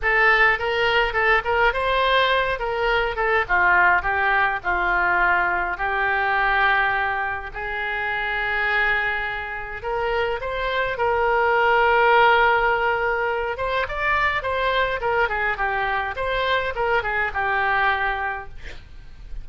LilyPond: \new Staff \with { instrumentName = "oboe" } { \time 4/4 \tempo 4 = 104 a'4 ais'4 a'8 ais'8 c''4~ | c''8 ais'4 a'8 f'4 g'4 | f'2 g'2~ | g'4 gis'2.~ |
gis'4 ais'4 c''4 ais'4~ | ais'2.~ ais'8 c''8 | d''4 c''4 ais'8 gis'8 g'4 | c''4 ais'8 gis'8 g'2 | }